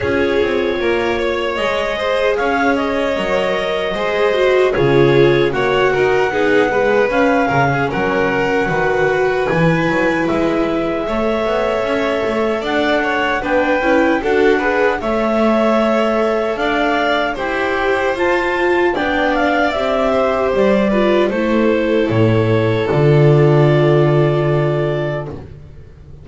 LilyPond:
<<
  \new Staff \with { instrumentName = "clarinet" } { \time 4/4 \tempo 4 = 76 cis''2 dis''4 f''8 dis''8~ | dis''2 cis''4 fis''4~ | fis''4 f''4 fis''2 | gis''4 e''2. |
fis''4 g''4 fis''4 e''4~ | e''4 f''4 g''4 a''4 | g''8 f''8 e''4 d''4 c''4 | cis''4 d''2. | }
  \new Staff \with { instrumentName = "violin" } { \time 4/4 gis'4 ais'8 cis''4 c''8 cis''4~ | cis''4 c''4 gis'4 cis''8 ais'8 | gis'8 b'4 ais'16 gis'16 ais'4 b'4~ | b'2 cis''2 |
d''8 cis''8 b'4 a'8 b'8 cis''4~ | cis''4 d''4 c''2 | d''4. c''4 b'8 a'4~ | a'1 | }
  \new Staff \with { instrumentName = "viola" } { \time 4/4 f'2 gis'2 | ais'4 gis'8 fis'8 f'4 fis'4 | dis'8 gis8 cis'2 fis'4 | e'2 a'2~ |
a'4 d'8 e'8 fis'8 gis'8 a'4~ | a'2 g'4 f'4 | d'4 g'4. f'8 e'4~ | e'4 f'2. | }
  \new Staff \with { instrumentName = "double bass" } { \time 4/4 cis'8 c'8 ais4 gis4 cis'4 | fis4 gis4 cis4 ais8 dis'8 | b4 cis'8 cis8 fis4 dis4 | e8 fis8 gis4 a8 b8 cis'8 a8 |
d'4 b8 cis'8 d'4 a4~ | a4 d'4 e'4 f'4 | b4 c'4 g4 a4 | a,4 d2. | }
>>